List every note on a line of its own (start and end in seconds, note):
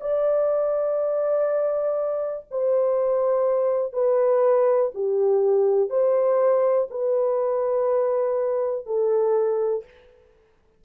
0.00 2.46 D5
2.51 3.93 C5
3.93 4.91 B4
4.94 5.89 G4
5.89 6.88 C5
6.90 8.86 B4
8.86 9.84 A4